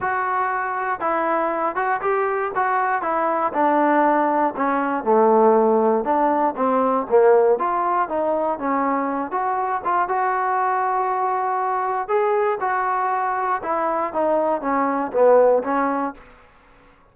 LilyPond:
\new Staff \with { instrumentName = "trombone" } { \time 4/4 \tempo 4 = 119 fis'2 e'4. fis'8 | g'4 fis'4 e'4 d'4~ | d'4 cis'4 a2 | d'4 c'4 ais4 f'4 |
dis'4 cis'4. fis'4 f'8 | fis'1 | gis'4 fis'2 e'4 | dis'4 cis'4 b4 cis'4 | }